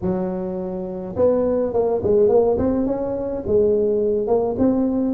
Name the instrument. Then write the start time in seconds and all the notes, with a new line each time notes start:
tuba
0.01 F#3
1.16 B3
1.73 A#3
2.03 G#3
2.29 A#3
2.57 C4
2.86 C#4
3.46 G#3
4.27 A#3
4.58 C4